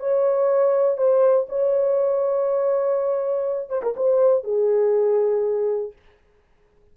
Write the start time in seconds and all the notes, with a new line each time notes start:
0.00 C#5
0.97 C5
1.49 C#5
3.69 C5
3.83 A#4
3.96 C5
4.44 G#4